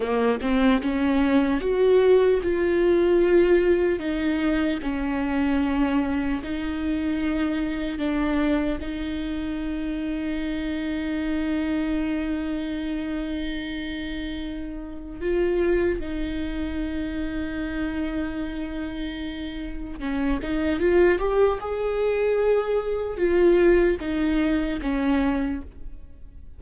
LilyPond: \new Staff \with { instrumentName = "viola" } { \time 4/4 \tempo 4 = 75 ais8 c'8 cis'4 fis'4 f'4~ | f'4 dis'4 cis'2 | dis'2 d'4 dis'4~ | dis'1~ |
dis'2. f'4 | dis'1~ | dis'4 cis'8 dis'8 f'8 g'8 gis'4~ | gis'4 f'4 dis'4 cis'4 | }